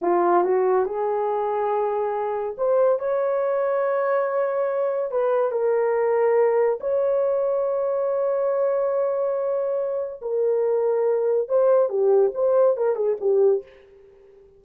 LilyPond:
\new Staff \with { instrumentName = "horn" } { \time 4/4 \tempo 4 = 141 f'4 fis'4 gis'2~ | gis'2 c''4 cis''4~ | cis''1 | b'4 ais'2. |
cis''1~ | cis''1 | ais'2. c''4 | g'4 c''4 ais'8 gis'8 g'4 | }